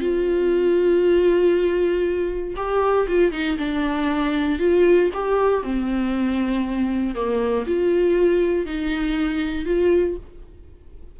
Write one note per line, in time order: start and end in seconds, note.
0.00 2.54 F4
2.56 3.07 G4
3.08 3.32 F4
3.32 3.57 D#4
3.58 4.59 D4
4.59 5.10 F4
5.14 5.63 G4
5.63 7.15 C4
7.15 7.65 A#3
7.67 8.66 F4
8.66 9.65 D#4
9.65 10.16 F4